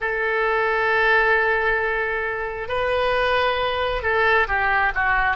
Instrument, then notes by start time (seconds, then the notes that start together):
oboe
0.00 A4
2.68 B4
4.02 A4
4.47 G4
4.94 F#4